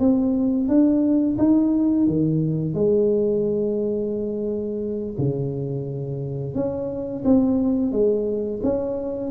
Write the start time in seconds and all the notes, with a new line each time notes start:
0.00 C4
0.69 D4
1.39 D#4
2.08 D#3
2.75 G#3
5.18 C#3
6.55 C#4
7.25 C4
7.92 G#3
8.63 C#4